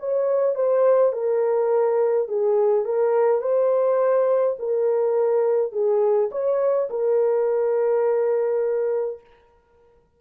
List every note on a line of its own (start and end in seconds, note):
0.00 0.55 C#5
0.55 1.13 C5
1.13 2.28 A#4
2.28 2.85 G#4
2.85 3.42 A#4
3.42 4.57 C5
4.59 5.72 A#4
5.72 6.30 G#4
6.31 6.89 C#5
6.90 9.20 A#4